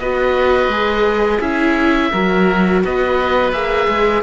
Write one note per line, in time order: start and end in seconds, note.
0.00 0.68 B3
0.00 0.72 F#4
0.00 1.39 B4
0.00 1.41 D#5
0.68 1.39 G#3
0.68 1.42 G#4
1.39 2.12 C#4
1.39 2.12 E4
1.39 2.10 G#4
1.39 2.82 E5
2.13 2.84 F#3
2.13 3.53 F#4
2.13 2.83 A#4
2.85 3.53 B3
2.85 4.23 B4
2.85 3.53 D#5
3.53 3.88 A#3
3.53 4.23 G#4
3.53 4.23 E5
3.88 4.23 G#3